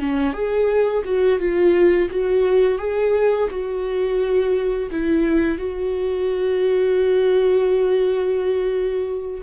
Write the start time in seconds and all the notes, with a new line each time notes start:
0.00 C#4
0.34 G#4
1.05 F#4
1.40 F4
2.11 F#4
2.79 G#4
3.51 F#4
4.91 E4
5.58 F#4